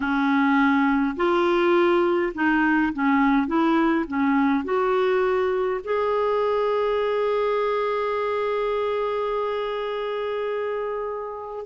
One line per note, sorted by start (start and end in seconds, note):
0.00 1.15 C#4
1.16 2.32 F4
2.34 2.92 D#4
2.93 3.47 C#4
3.47 4.05 E4
4.07 4.64 C#4
4.64 5.81 F#4
5.84 11.65 G#4